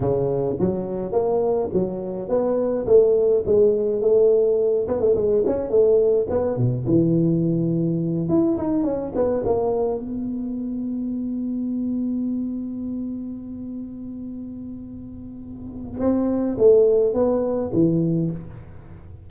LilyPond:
\new Staff \with { instrumentName = "tuba" } { \time 4/4 \tempo 4 = 105 cis4 fis4 ais4 fis4 | b4 a4 gis4 a4~ | a8 b16 a16 gis8 cis'8 a4 b8 b,8 | e2~ e8 e'8 dis'8 cis'8 |
b8 ais4 b2~ b8~ | b1~ | b1 | c'4 a4 b4 e4 | }